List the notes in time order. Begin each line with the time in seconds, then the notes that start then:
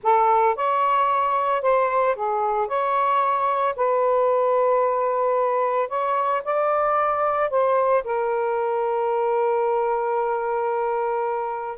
0.03 A4
0.55 C#5
1.62 C5
2.15 G#4
2.67 C#5
3.75 B4
5.88 C#5
6.44 D5
7.50 C5
8.04 A#4